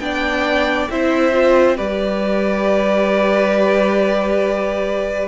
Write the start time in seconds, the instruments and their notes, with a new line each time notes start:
0.00 cello B3, viola D4, violin D5 G5
0.91 cello C4, viola E4, violin C5 E5
1.33 viola F4
1.77 cello G3, viola G4, violin B4 D5